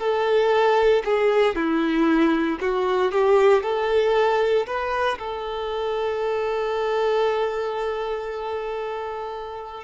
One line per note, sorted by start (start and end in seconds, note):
0.00 1.03 A4
1.05 1.56 G#4
1.56 2.59 E4
2.61 3.12 F#4
3.12 3.63 G4
3.63 4.67 A4
4.67 5.19 B4
5.19 9.84 A4